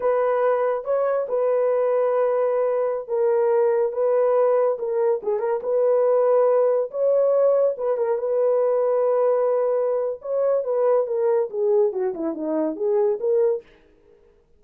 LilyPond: \new Staff \with { instrumentName = "horn" } { \time 4/4 \tempo 4 = 141 b'2 cis''4 b'4~ | b'2.~ b'16 ais'8.~ | ais'4~ ais'16 b'2 ais'8.~ | ais'16 gis'8 ais'8 b'2~ b'8.~ |
b'16 cis''2 b'8 ais'8 b'8.~ | b'1 | cis''4 b'4 ais'4 gis'4 | fis'8 e'8 dis'4 gis'4 ais'4 | }